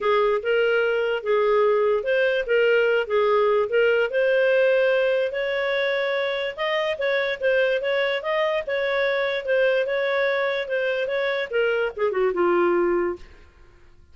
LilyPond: \new Staff \with { instrumentName = "clarinet" } { \time 4/4 \tempo 4 = 146 gis'4 ais'2 gis'4~ | gis'4 c''4 ais'4. gis'8~ | gis'4 ais'4 c''2~ | c''4 cis''2. |
dis''4 cis''4 c''4 cis''4 | dis''4 cis''2 c''4 | cis''2 c''4 cis''4 | ais'4 gis'8 fis'8 f'2 | }